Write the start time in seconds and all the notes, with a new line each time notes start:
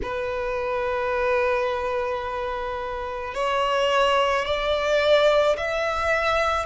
0.02 B4
3.34 C#5
4.45 D5
5.57 E5